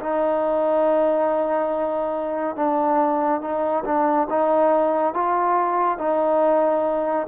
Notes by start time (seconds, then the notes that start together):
0.00 D#4
2.56 D4
3.41 D#4
3.85 D4
4.30 D#4
5.14 F4
5.98 D#4